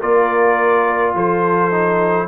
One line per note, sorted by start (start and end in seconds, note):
0.00 1.15 A#3
0.00 1.71 F4
0.00 1.13 A#4
0.00 1.15 D5
1.15 2.28 F3
1.15 2.28 A4
1.15 2.28 C5
1.71 2.28 D#4